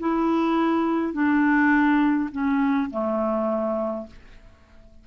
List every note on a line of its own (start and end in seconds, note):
0.00 1.14 E4
1.14 2.30 D4
2.32 2.90 C#4
2.91 4.07 A3